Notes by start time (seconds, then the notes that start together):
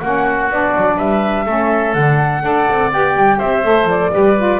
0.00 A#3 C#4 F#4 F#5
0.50 B3 D4 D5
0.76 F#3
0.96 G3 B4 E5
1.45 A3 C#4 A4
1.94 D3 D4 F#5
2.42 D4 A4 D5
2.70 C4
2.92 B3 G4 G5
3.16 G3
3.38 C4 C5 E5
3.63 A3 A4
3.84 F3 D5
4.11 G3 G4 B4
4.37 F4